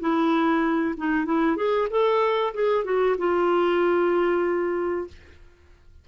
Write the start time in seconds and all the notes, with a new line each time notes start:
0.00 E4
0.97 D#4
1.25 E4
1.56 G#4
1.90 A4
2.54 G#4
2.84 F#4
3.18 F4